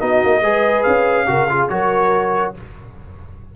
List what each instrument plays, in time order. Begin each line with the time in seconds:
0.00 tuba B3, trombone D#4, horn F#4, trumpet D#5
0.24 tuba A#3
0.42 tuba G#3, trombone G#4, horn B4
0.83 tuba C#4, trumpet F5
1.27 tuba C#3, trombone F#4, horn A#4
1.49 trombone F4, horn G#4
1.68 tuba F#3, trombone F#4, horn A#4, trumpet C#5